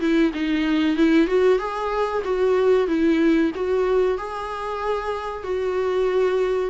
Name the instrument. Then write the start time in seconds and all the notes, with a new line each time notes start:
viola
0.00 E4
0.33 D#4
0.96 E4
1.27 F#4
1.58 G#4
2.24 F#4
2.87 E4
3.55 F#4
4.18 G#4
5.43 F#4